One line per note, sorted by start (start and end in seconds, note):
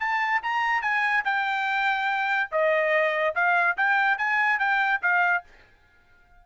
0.00 0.42 A5
0.43 0.82 A#5
0.82 1.24 G#5
1.25 2.50 G5
2.52 3.35 D#5
3.35 3.77 F5
3.77 4.18 G5
4.18 4.59 G#5
4.59 5.01 G5
5.02 5.44 F5